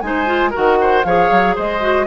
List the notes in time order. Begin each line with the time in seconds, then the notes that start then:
0.00 G#3 D#4 G#5
0.06 C5
0.26 F4
0.50 F#4 A#4 F#5
0.57 D#3
0.81 C5
1.03 F3 G#4 C#5 F5
1.31 F#3
1.55 G#3 C5 D#5
1.80 F#4